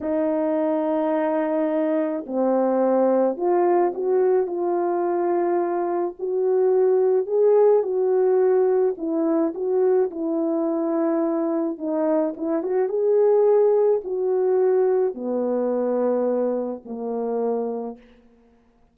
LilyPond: \new Staff \with { instrumentName = "horn" } { \time 4/4 \tempo 4 = 107 dis'1 | c'2 f'4 fis'4 | f'2. fis'4~ | fis'4 gis'4 fis'2 |
e'4 fis'4 e'2~ | e'4 dis'4 e'8 fis'8 gis'4~ | gis'4 fis'2 b4~ | b2 ais2 | }